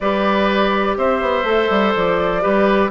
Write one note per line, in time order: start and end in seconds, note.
0.00 0.97 G3
0.00 1.44 G4
0.00 0.97 B4
0.00 0.96 D5
0.97 1.21 C4
0.97 2.42 C5
0.97 1.94 E5
1.21 1.43 B3
1.43 1.68 A3
1.43 2.41 A4
1.69 1.94 G3
1.95 2.44 F3
1.95 2.90 D5
2.41 2.90 G3
2.41 2.89 G4
2.41 2.90 B4